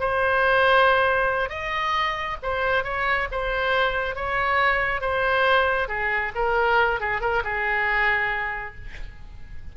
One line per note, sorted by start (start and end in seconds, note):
0.00 1.50 C5
1.50 2.37 D#5
2.43 2.84 C5
2.84 3.28 C#5
3.32 4.16 C5
4.16 5.01 C#5
5.01 5.89 C5
5.89 6.32 G#4
6.35 7.00 A#4
7.00 7.21 G#4
7.21 7.43 A#4
7.44 8.75 G#4